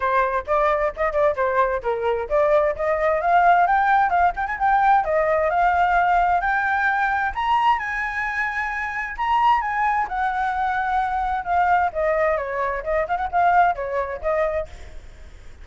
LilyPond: \new Staff \with { instrumentName = "flute" } { \time 4/4 \tempo 4 = 131 c''4 d''4 dis''8 d''8 c''4 | ais'4 d''4 dis''4 f''4 | g''4 f''8 g''16 gis''16 g''4 dis''4 | f''2 g''2 |
ais''4 gis''2. | ais''4 gis''4 fis''2~ | fis''4 f''4 dis''4 cis''4 | dis''8 f''16 fis''16 f''4 cis''4 dis''4 | }